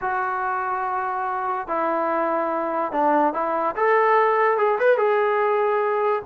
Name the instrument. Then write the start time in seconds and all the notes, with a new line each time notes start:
trombone
0.01 F#4
1.67 E4
2.92 D4
3.33 E4
3.76 A4
4.57 G#4
4.79 B4
4.97 G#4